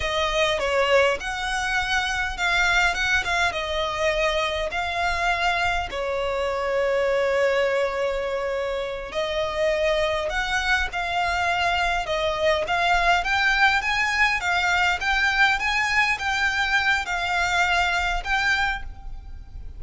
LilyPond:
\new Staff \with { instrumentName = "violin" } { \time 4/4 \tempo 4 = 102 dis''4 cis''4 fis''2 | f''4 fis''8 f''8 dis''2 | f''2 cis''2~ | cis''2.~ cis''8 dis''8~ |
dis''4. fis''4 f''4.~ | f''8 dis''4 f''4 g''4 gis''8~ | gis''8 f''4 g''4 gis''4 g''8~ | g''4 f''2 g''4 | }